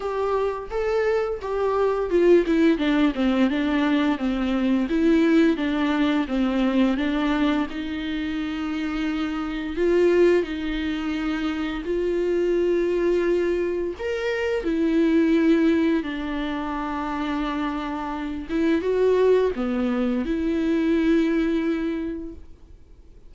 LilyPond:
\new Staff \with { instrumentName = "viola" } { \time 4/4 \tempo 4 = 86 g'4 a'4 g'4 f'8 e'8 | d'8 c'8 d'4 c'4 e'4 | d'4 c'4 d'4 dis'4~ | dis'2 f'4 dis'4~ |
dis'4 f'2. | ais'4 e'2 d'4~ | d'2~ d'8 e'8 fis'4 | b4 e'2. | }